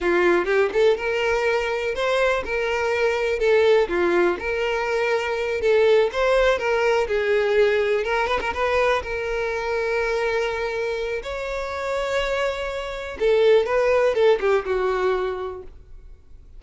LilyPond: \new Staff \with { instrumentName = "violin" } { \time 4/4 \tempo 4 = 123 f'4 g'8 a'8 ais'2 | c''4 ais'2 a'4 | f'4 ais'2~ ais'8 a'8~ | a'8 c''4 ais'4 gis'4.~ |
gis'8 ais'8 b'16 ais'16 b'4 ais'4.~ | ais'2. cis''4~ | cis''2. a'4 | b'4 a'8 g'8 fis'2 | }